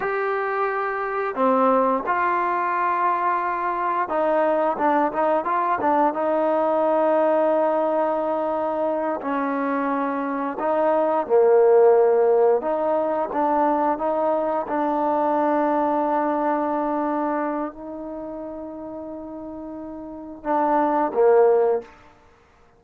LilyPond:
\new Staff \with { instrumentName = "trombone" } { \time 4/4 \tempo 4 = 88 g'2 c'4 f'4~ | f'2 dis'4 d'8 dis'8 | f'8 d'8 dis'2.~ | dis'4. cis'2 dis'8~ |
dis'8 ais2 dis'4 d'8~ | d'8 dis'4 d'2~ d'8~ | d'2 dis'2~ | dis'2 d'4 ais4 | }